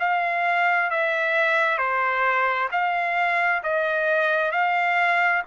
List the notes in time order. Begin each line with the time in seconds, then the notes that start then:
0.00 F5
0.91 E5
1.79 C5
2.72 F5
3.64 D#5
4.52 F5